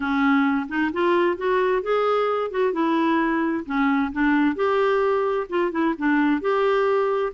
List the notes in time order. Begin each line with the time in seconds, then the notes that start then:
0.00 C#4
0.68 D#4
0.93 F4
1.37 F#4
1.82 G#4
2.50 F#4
2.73 E4
3.65 C#4
4.12 D4
4.55 G4
5.49 F4
5.71 E4
5.98 D4
6.41 G4